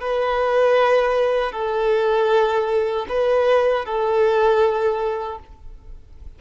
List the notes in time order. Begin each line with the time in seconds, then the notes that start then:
0.00 B4
1.52 A4
3.08 B4
3.85 A4